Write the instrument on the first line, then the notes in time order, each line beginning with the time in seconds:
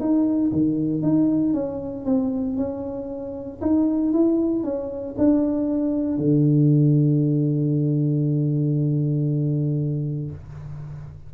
tuba
0.00 D#4
0.52 D#3
1.03 D#4
1.54 C#4
2.05 C4
2.57 C#4
3.62 D#4
4.13 E4
4.64 C#4
5.18 D4
6.18 D3